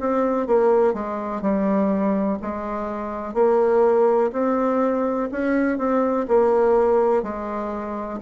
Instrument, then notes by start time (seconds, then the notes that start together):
bassoon
0.00 C4
0.47 A#3
0.94 G#3
1.42 G3
2.42 G#3
3.34 A#3
4.33 C4
5.32 C#4
5.78 C4
6.28 A#3
7.23 G#3